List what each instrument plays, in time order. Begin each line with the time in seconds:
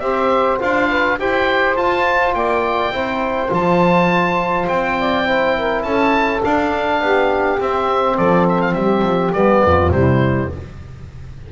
0.00 double bass C4, trombone G4, saxophone C5, oboe E5
0.60 double bass D4, trombone F4, oboe F5
0.89 saxophone B4
1.19 double bass E4, trombone G4, saxophone C5, oboe G5
1.77 trombone F4, double bass F4, oboe A5
2.34 double bass A#3, saxophone D5, oboe G5
2.91 double bass C4, trombone E4, saxophone C5
3.49 double bass F3, trombone F4, oboe A5
4.68 double bass C4, oboe G5
4.99 saxophone D5
5.25 trombone E4, saxophone C5
5.56 saxophone A#4
5.83 double bass C#4, saxophone A4, oboe A5
6.44 trombone D4, double bass D4, oboe F5
7.01 double bass B3, saxophone G4
7.59 trombone C4, double bass C4, oboe E5
8.16 double bass F3, saxophone A4, oboe D5
8.49 oboe E5
8.61 oboe F5
8.74 double bass G3, saxophone G4, oboe E5
9.02 double bass F3
9.34 double bass G3, trombone B3, oboe D5
9.65 double bass F2, saxophone F4
9.90 double bass C3, trombone G3, saxophone E4, oboe C5